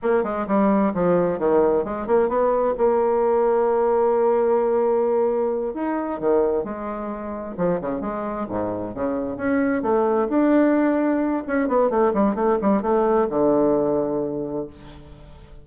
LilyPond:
\new Staff \with { instrumentName = "bassoon" } { \time 4/4 \tempo 4 = 131 ais8 gis8 g4 f4 dis4 | gis8 ais8 b4 ais2~ | ais1~ | ais8 dis'4 dis4 gis4.~ |
gis8 f8 cis8 gis4 gis,4 cis8~ | cis8 cis'4 a4 d'4.~ | d'4 cis'8 b8 a8 g8 a8 g8 | a4 d2. | }